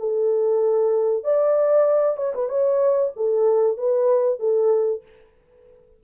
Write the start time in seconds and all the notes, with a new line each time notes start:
0.00 A4
1.24 D5
2.18 C#5
2.35 B4
2.50 C#5
3.17 A4
3.78 B4
4.40 A4